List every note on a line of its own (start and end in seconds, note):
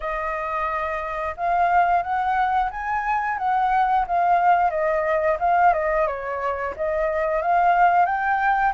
0.00 1.35 D#5
1.37 2.02 F5
2.02 2.70 F#5
2.70 3.38 G#5
3.38 4.05 F#5
4.07 4.70 F5
4.70 5.37 D#5
5.39 5.73 F5
5.73 6.07 D#5
6.07 6.74 C#5
6.76 7.42 D#5
7.42 8.05 F5
8.05 8.72 G5